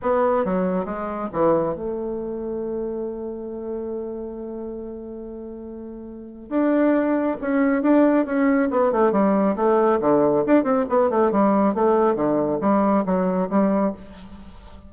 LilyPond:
\new Staff \with { instrumentName = "bassoon" } { \time 4/4 \tempo 4 = 138 b4 fis4 gis4 e4 | a1~ | a1~ | a2. d'4~ |
d'4 cis'4 d'4 cis'4 | b8 a8 g4 a4 d4 | d'8 c'8 b8 a8 g4 a4 | d4 g4 fis4 g4 | }